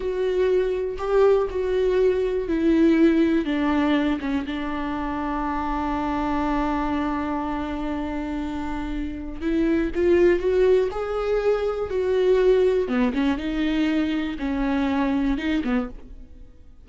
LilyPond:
\new Staff \with { instrumentName = "viola" } { \time 4/4 \tempo 4 = 121 fis'2 g'4 fis'4~ | fis'4 e'2 d'4~ | d'8 cis'8 d'2.~ | d'1~ |
d'2. e'4 | f'4 fis'4 gis'2 | fis'2 b8 cis'8 dis'4~ | dis'4 cis'2 dis'8 b8 | }